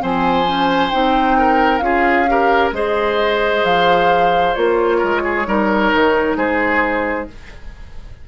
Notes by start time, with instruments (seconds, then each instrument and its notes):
0.00 bassoon F3, clarinet C4, oboe C5, flute G#5
0.46 clarinet C#4
0.91 bassoon C4, clarinet D#4, flute G5
1.39 oboe A#4
1.79 bassoon C#4, clarinet F4, flute F5
1.85 oboe G#4
2.28 clarinet G4, oboe A#4
2.72 bassoon G#3, clarinet G#4, oboe C5, flute D#5
3.64 bassoon F3, flute F5
4.55 bassoon A#3, clarinet F4, flute C#5
4.99 bassoon G#3, oboe A#4
5.24 oboe G#4
5.46 bassoon G3, clarinet D#4, oboe A#4
5.94 bassoon D#3
6.37 bassoon G#3, oboe G#4, flute C5